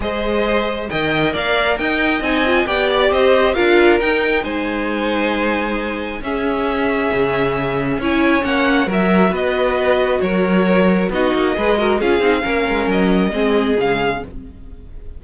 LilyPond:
<<
  \new Staff \with { instrumentName = "violin" } { \time 4/4 \tempo 4 = 135 dis''2 g''4 f''4 | g''4 gis''4 g''8 d''8 dis''4 | f''4 g''4 gis''2~ | gis''2 e''2~ |
e''2 gis''4 fis''4 | e''4 dis''2 cis''4~ | cis''4 dis''2 f''4~ | f''4 dis''2 f''4 | }
  \new Staff \with { instrumentName = "violin" } { \time 4/4 c''2 dis''4 d''4 | dis''2 d''4 c''4 | ais'2 c''2~ | c''2 gis'2~ |
gis'2 cis''2 | ais'4 b'2 ais'4~ | ais'4 fis'4 b'8 ais'8 gis'4 | ais'2 gis'2 | }
  \new Staff \with { instrumentName = "viola" } { \time 4/4 gis'2 ais'2~ | ais'4 dis'8 f'8 g'2 | f'4 dis'2.~ | dis'2 cis'2~ |
cis'2 e'4 cis'4 | fis'1~ | fis'4 dis'4 gis'8 fis'8 f'8 dis'8 | cis'2 c'4 gis4 | }
  \new Staff \with { instrumentName = "cello" } { \time 4/4 gis2 dis4 ais4 | dis'4 c'4 b4 c'4 | d'4 dis'4 gis2~ | gis2 cis'2 |
cis2 cis'4 ais4 | fis4 b2 fis4~ | fis4 b8 ais8 gis4 cis'8 c'8 | ais8 gis8 fis4 gis4 cis4 | }
>>